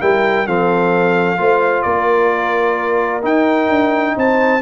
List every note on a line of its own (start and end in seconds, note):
0.00 0.47 G3
0.00 0.46 E4
0.00 0.46 A#4
0.00 0.46 G5
0.46 1.39 F3
0.46 1.37 C4
0.46 1.38 A4
0.46 1.82 F5
1.37 1.85 A3
1.37 3.21 F4
1.37 1.84 C5
1.82 3.23 A#3
1.82 4.16 A#4
1.82 3.20 D5
3.21 4.60 D#4
3.21 3.69 D#4
3.21 4.17 G5
3.69 4.15 D4
4.16 4.61 C4
4.16 4.61 C5
4.16 4.61 A5